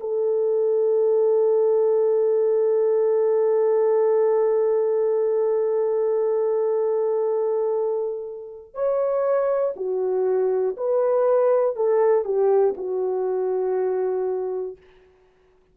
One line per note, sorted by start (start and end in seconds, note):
0.00 8.74 A4
8.74 9.74 C#5
9.76 10.76 F#4
10.76 11.75 B4
11.75 12.25 A4
12.25 12.75 G4
12.76 14.76 F#4